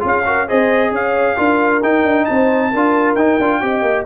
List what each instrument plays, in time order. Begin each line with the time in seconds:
0.00 tuba C#4, trombone F4, horn G#4
0.07 trumpet F5
0.25 trombone F#4, horn A#4
0.47 tuba C4, trombone G#4, horn C5, trumpet D#5
0.91 tuba C#4, horn C#5, trumpet F5
1.36 tuba D4, trombone F4, horn A#4
1.82 tuba D#4, trombone D#4, trumpet G5
2.04 tuba D4
2.25 tuba C4, horn C5, trumpet A5
2.71 tuba D4, trombone F4, horn A#4
3.15 tuba D#4, trombone D#4, trumpet G5
3.39 tuba D4, trombone F4
3.61 tuba C4, trombone G4, horn D#5
3.82 tuba A#3